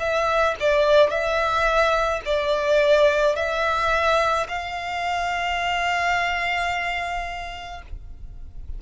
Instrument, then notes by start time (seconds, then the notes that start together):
violin
0.00 E5
0.60 D5
1.10 E5
2.25 D5
3.36 E5
4.49 F5